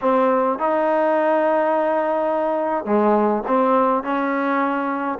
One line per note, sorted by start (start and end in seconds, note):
0.01 0.58 C4
0.58 2.85 D#4
2.85 3.42 G#3
3.47 4.03 C4
4.03 5.18 C#4